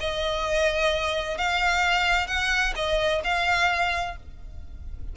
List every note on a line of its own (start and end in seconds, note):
0.00 1.38 D#5
1.38 2.27 F5
2.27 2.73 F#5
2.75 3.22 D#5
3.24 4.16 F5